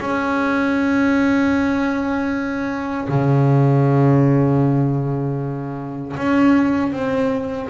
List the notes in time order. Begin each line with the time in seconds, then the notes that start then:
0.00 C#4
3.08 C#3
6.17 C#4
6.92 C4